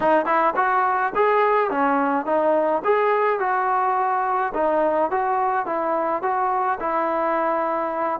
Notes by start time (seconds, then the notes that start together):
0.00 D#4
0.25 E4
0.56 F#4
1.15 G#4
1.70 C#4
2.25 D#4
2.84 G#4
3.39 F#4
4.54 D#4
5.10 F#4
5.66 E4
6.22 F#4
6.80 E4